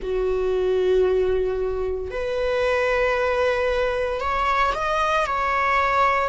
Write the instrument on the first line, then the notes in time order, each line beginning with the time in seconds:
viola
0.02 F#4
2.11 B4
4.20 C#5
4.74 D#5
5.26 C#5